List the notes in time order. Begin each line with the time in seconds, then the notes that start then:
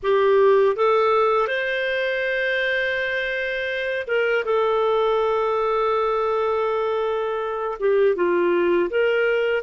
0.02 G4
0.75 A4
1.47 C5
4.07 A#4
4.44 A4
7.79 G4
8.15 F4
8.90 A#4